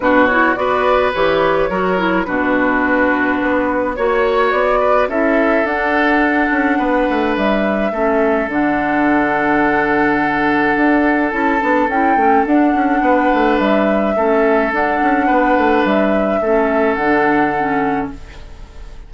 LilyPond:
<<
  \new Staff \with { instrumentName = "flute" } { \time 4/4 \tempo 4 = 106 b'8 cis''8 d''4 cis''2 | b'2. cis''4 | d''4 e''4 fis''2~ | fis''4 e''2 fis''4~ |
fis''1 | a''4 g''4 fis''2 | e''2 fis''2 | e''2 fis''2 | }
  \new Staff \with { instrumentName = "oboe" } { \time 4/4 fis'4 b'2 ais'4 | fis'2. cis''4~ | cis''8 b'8 a'2. | b'2 a'2~ |
a'1~ | a'2. b'4~ | b'4 a'2 b'4~ | b'4 a'2. | }
  \new Staff \with { instrumentName = "clarinet" } { \time 4/4 d'8 e'8 fis'4 g'4 fis'8 e'8 | d'2. fis'4~ | fis'4 e'4 d'2~ | d'2 cis'4 d'4~ |
d'1 | e'8 d'8 e'8 cis'8 d'2~ | d'4 cis'4 d'2~ | d'4 cis'4 d'4 cis'4 | }
  \new Staff \with { instrumentName = "bassoon" } { \time 4/4 b,4 b4 e4 fis4 | b,2 b4 ais4 | b4 cis'4 d'4. cis'8 | b8 a8 g4 a4 d4~ |
d2. d'4 | cis'8 b8 cis'8 a8 d'8 cis'8 b8 a8 | g4 a4 d'8 cis'8 b8 a8 | g4 a4 d2 | }
>>